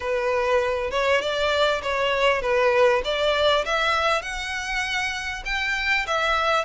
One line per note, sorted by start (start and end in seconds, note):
0.00 0.91 B4
0.91 1.21 C#5
1.21 1.81 D5
1.82 2.41 C#5
2.41 3.02 B4
3.04 3.64 D5
3.65 4.21 E5
4.21 5.43 F#5
5.45 6.06 G5
6.07 6.64 E5